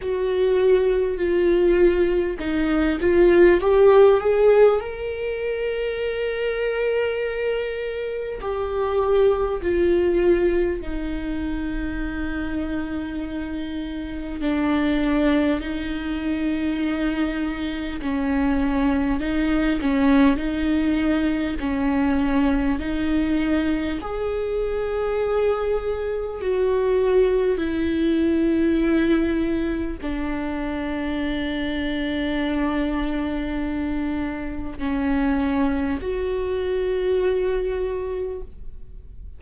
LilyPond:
\new Staff \with { instrumentName = "viola" } { \time 4/4 \tempo 4 = 50 fis'4 f'4 dis'8 f'8 g'8 gis'8 | ais'2. g'4 | f'4 dis'2. | d'4 dis'2 cis'4 |
dis'8 cis'8 dis'4 cis'4 dis'4 | gis'2 fis'4 e'4~ | e'4 d'2.~ | d'4 cis'4 fis'2 | }